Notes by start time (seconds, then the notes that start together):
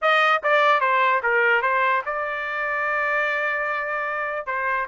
0.01 D#5
0.43 D5
0.80 C5
1.22 A#4
1.61 C5
2.05 D5
4.46 C5